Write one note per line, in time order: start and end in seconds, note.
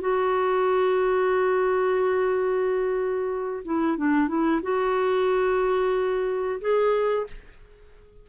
0.00 3.63 F#4
3.64 3.97 E4
3.97 4.27 D4
4.27 4.60 E4
4.62 6.60 F#4
6.60 7.26 G#4